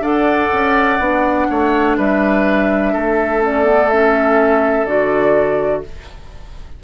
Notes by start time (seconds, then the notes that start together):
0.00 D4 A4 D5 F#5
0.52 C#4
0.99 B3 D4
1.50 A3 C#5
1.97 G3 B4 E5
2.92 A3 A4
3.41 C#4 D5
3.64 B3
3.89 C#4 E5
4.85 D3 F#4 D5